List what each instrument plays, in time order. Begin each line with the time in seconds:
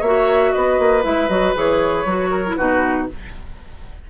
0.00 bassoon A#3, clarinet F#4, oboe C#5, flute E5
0.52 bassoon B3, oboe B4, flute D#5
0.79 bassoon A#3
1.03 bassoon G#3, clarinet E4, flute E5
1.29 bassoon F#3, clarinet F#4, flute D#5
1.55 bassoon E3, clarinet G#4, flute C#5
2.06 bassoon F#3, clarinet F#4
2.31 oboe A#4
2.47 clarinet E4
2.56 bassoon B2, clarinet D#4, oboe F#4, flute B4